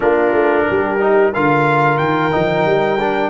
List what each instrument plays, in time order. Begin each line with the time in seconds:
0.00 tuba A#3, trombone D4, horn F4, trumpet A#4
0.33 tuba A3
0.68 tuba G3, horn G4
1.00 trombone D#4
1.32 tuba D3, trombone F4, horn A#4, trumpet F5
1.97 tuba D#3, trumpet G5
2.31 tuba F3, trombone D#4
2.65 tuba G3
2.99 trombone D4